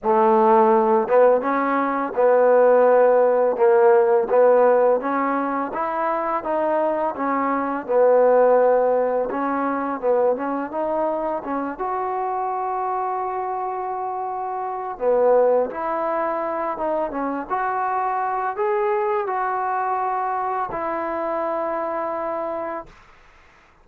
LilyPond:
\new Staff \with { instrumentName = "trombone" } { \time 4/4 \tempo 4 = 84 a4. b8 cis'4 b4~ | b4 ais4 b4 cis'4 | e'4 dis'4 cis'4 b4~ | b4 cis'4 b8 cis'8 dis'4 |
cis'8 fis'2.~ fis'8~ | fis'4 b4 e'4. dis'8 | cis'8 fis'4. gis'4 fis'4~ | fis'4 e'2. | }